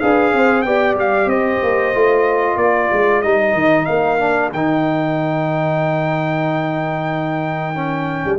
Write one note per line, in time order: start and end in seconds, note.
0.00 0.33 D4
0.00 0.65 G#4
0.00 0.34 B4
0.00 0.62 F5
0.33 0.65 C4
0.33 0.66 C5
0.62 0.95 B3
0.62 1.94 G4
0.62 1.29 D5
0.62 0.94 G5
0.95 1.26 G3
0.95 1.29 F5
1.26 1.58 C4
1.26 2.58 C5
1.26 2.57 D#5
1.62 1.94 A#3
1.94 2.56 A3
1.94 3.23 F4
2.56 2.88 A#3
2.56 8.38 A#4
2.56 3.22 D5
2.92 3.24 G#3
3.22 3.53 G3
3.22 4.19 D#4
3.22 3.85 D#5
3.53 3.86 D#3
3.85 4.52 A#3
3.85 4.49 F5
4.19 4.51 D4
4.52 8.23 D#3
4.52 7.74 D#4
4.52 8.38 G5
7.74 8.38 C#4
8.25 8.38 G3